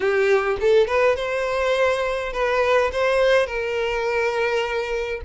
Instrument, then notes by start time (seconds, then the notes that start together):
violin
0.00 G4
0.60 A4
0.87 B4
1.16 C5
2.32 B4
2.92 C5
3.46 A#4